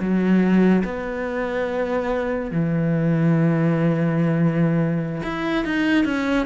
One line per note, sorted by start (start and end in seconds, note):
0.00 0.83 F#3
0.84 2.51 B3
2.51 5.22 E3
5.23 5.65 E4
5.65 6.05 D#4
6.05 6.46 C#4